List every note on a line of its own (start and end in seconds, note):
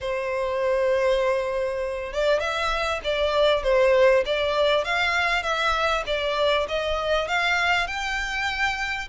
0.01 2.12 C5
2.12 2.39 D5
2.39 3.00 E5
3.03 3.63 D5
3.63 4.23 C5
4.25 4.84 D5
4.84 5.42 F5
5.42 6.03 E5
6.06 6.67 D5
6.68 7.28 D#5
7.28 7.87 F5
7.87 9.08 G5